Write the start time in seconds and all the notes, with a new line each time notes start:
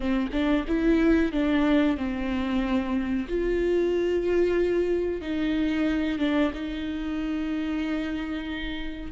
0.00 C4
0.32 D4
0.67 E4
1.32 D4
1.97 C4
3.28 F4
5.21 D#4
6.18 D4
6.53 D#4